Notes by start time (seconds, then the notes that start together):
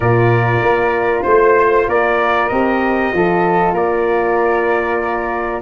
0.00 A#2 F4 A#4 D5
0.62 A#3
1.22 A3 C5
1.87 A#3 A#4 D5
2.48 C4 G4 D#5
3.13 F3 F4 A4
3.72 A#3 A#4 D5